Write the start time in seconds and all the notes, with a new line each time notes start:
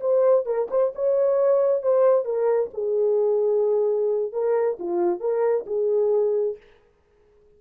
0.00 C5
0.45 A#4
0.70 C5
0.95 C#5
1.82 C5
2.24 A#4
2.74 G#4
4.32 A#4
4.79 F4
5.20 A#4
5.66 G#4